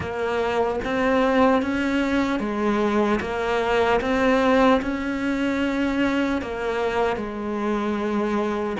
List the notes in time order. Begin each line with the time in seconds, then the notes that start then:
0.00 A#3
0.84 C4
1.61 C#4
2.39 G#3
3.20 A#3
4.00 C4
4.81 C#4
6.41 A#3
7.16 G#3